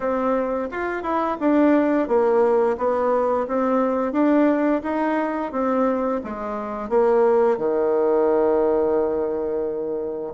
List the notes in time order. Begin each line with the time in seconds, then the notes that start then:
0.00 C4
0.71 F4
1.03 E4
1.40 D4
2.08 A#3
2.77 B3
3.47 C4
4.12 D4
4.83 D#4
5.51 C4
6.24 G#3
6.89 A#3
7.57 D#3